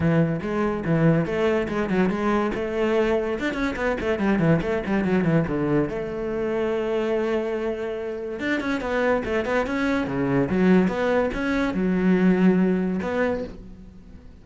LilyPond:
\new Staff \with { instrumentName = "cello" } { \time 4/4 \tempo 4 = 143 e4 gis4 e4 a4 | gis8 fis8 gis4 a2 | d'8 cis'8 b8 a8 g8 e8 a8 g8 | fis8 e8 d4 a2~ |
a1 | d'8 cis'8 b4 a8 b8 cis'4 | cis4 fis4 b4 cis'4 | fis2. b4 | }